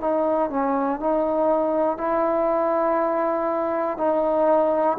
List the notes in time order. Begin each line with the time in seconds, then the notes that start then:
0.00 D#4
0.50 C#4
1.00 D#4
1.97 E4
3.97 D#4